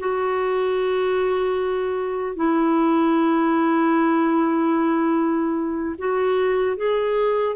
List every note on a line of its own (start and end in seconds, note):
0.00 2.36 F#4
2.36 5.96 E4
5.99 6.77 F#4
6.77 7.56 G#4